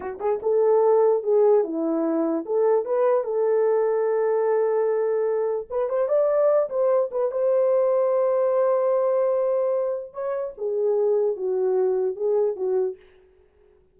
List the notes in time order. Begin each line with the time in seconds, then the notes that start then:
0.00 F#4
0.19 G#4
0.42 A4
1.23 G#4
1.63 E4
2.45 A4
2.85 B4
3.23 A4
5.70 B4
5.89 C5
6.08 D5
6.69 C5
7.11 B4
7.31 C5
10.13 C#5
10.57 G#4
11.36 F#4
12.16 G#4
12.55 F#4